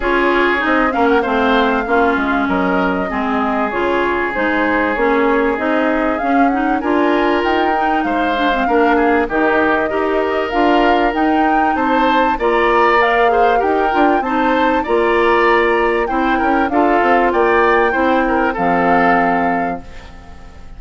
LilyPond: <<
  \new Staff \with { instrumentName = "flute" } { \time 4/4 \tempo 4 = 97 cis''4 dis''8 f''16 fis''16 f''2 | dis''2 cis''4 c''4 | cis''4 dis''4 f''8 fis''8 gis''4 | g''4 f''2 dis''4~ |
dis''4 f''4 g''4 a''4 | ais''4 f''4 g''4 a''4 | ais''2 g''4 f''4 | g''2 f''2 | }
  \new Staff \with { instrumentName = "oboe" } { \time 4/4 gis'4. ais'8 c''4 f'4 | ais'4 gis'2.~ | gis'2. ais'4~ | ais'4 c''4 ais'8 gis'8 g'4 |
ais'2. c''4 | d''4. c''8 ais'4 c''4 | d''2 c''8 ais'8 a'4 | d''4 c''8 ais'8 a'2 | }
  \new Staff \with { instrumentName = "clarinet" } { \time 4/4 f'4 dis'8 cis'8 c'4 cis'4~ | cis'4 c'4 f'4 dis'4 | cis'4 dis'4 cis'8 dis'8 f'4~ | f'8 dis'4 d'16 c'16 d'4 dis'4 |
g'4 f'4 dis'2 | f'4 ais'8 gis'8 g'8 f'8 dis'4 | f'2 e'4 f'4~ | f'4 e'4 c'2 | }
  \new Staff \with { instrumentName = "bassoon" } { \time 4/4 cis'4 c'8 ais8 a4 ais8 gis8 | fis4 gis4 cis4 gis4 | ais4 c'4 cis'4 d'4 | dis'4 gis4 ais4 dis4 |
dis'4 d'4 dis'4 c'4 | ais2 dis'8 d'8 c'4 | ais2 c'8 cis'8 d'8 c'8 | ais4 c'4 f2 | }
>>